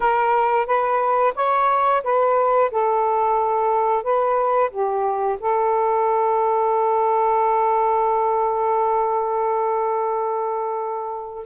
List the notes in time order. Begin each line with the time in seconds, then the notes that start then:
0.00 A#4
0.66 B4
1.35 C#5
2.03 B4
2.71 A4
4.03 B4
4.70 G4
5.39 A4